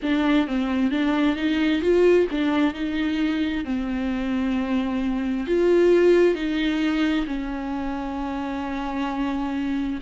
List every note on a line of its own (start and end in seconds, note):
0.02 0.47 D4
0.47 0.91 C4
0.91 1.36 D4
1.36 1.81 D#4
1.81 2.26 F4
2.31 2.74 D4
2.74 3.64 D#4
3.64 5.46 C4
5.47 6.34 F4
6.34 7.25 D#4
7.26 9.99 C#4